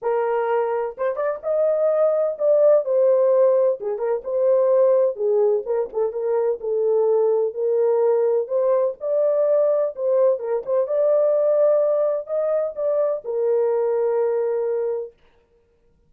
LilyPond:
\new Staff \with { instrumentName = "horn" } { \time 4/4 \tempo 4 = 127 ais'2 c''8 d''8 dis''4~ | dis''4 d''4 c''2 | gis'8 ais'8 c''2 gis'4 | ais'8 a'8 ais'4 a'2 |
ais'2 c''4 d''4~ | d''4 c''4 ais'8 c''8 d''4~ | d''2 dis''4 d''4 | ais'1 | }